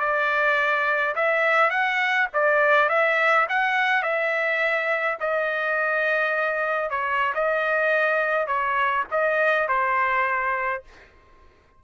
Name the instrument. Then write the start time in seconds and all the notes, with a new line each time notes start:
trumpet
0.00 D5
1.15 E5
1.70 F#5
2.34 D5
2.89 E5
3.49 F#5
4.03 E5
5.20 D#5
6.90 C#5
7.35 D#5
8.47 C#5
9.11 D#5
9.68 C5